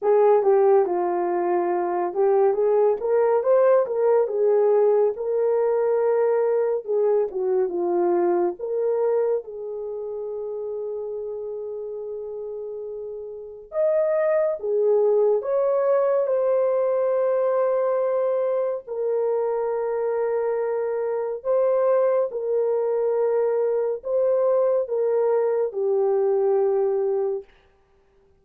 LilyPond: \new Staff \with { instrumentName = "horn" } { \time 4/4 \tempo 4 = 70 gis'8 g'8 f'4. g'8 gis'8 ais'8 | c''8 ais'8 gis'4 ais'2 | gis'8 fis'8 f'4 ais'4 gis'4~ | gis'1 |
dis''4 gis'4 cis''4 c''4~ | c''2 ais'2~ | ais'4 c''4 ais'2 | c''4 ais'4 g'2 | }